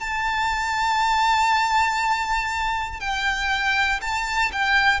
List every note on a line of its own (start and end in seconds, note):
0.00 3.00 A5
3.00 4.00 G5
4.01 4.51 A5
4.52 5.00 G5